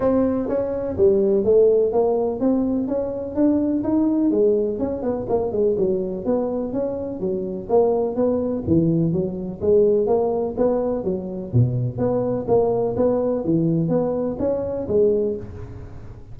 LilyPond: \new Staff \with { instrumentName = "tuba" } { \time 4/4 \tempo 4 = 125 c'4 cis'4 g4 a4 | ais4 c'4 cis'4 d'4 | dis'4 gis4 cis'8 b8 ais8 gis8 | fis4 b4 cis'4 fis4 |
ais4 b4 e4 fis4 | gis4 ais4 b4 fis4 | b,4 b4 ais4 b4 | e4 b4 cis'4 gis4 | }